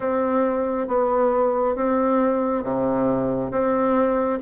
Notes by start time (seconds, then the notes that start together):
0.00 C4
0.87 B3
1.75 C4
2.63 C3
3.51 C4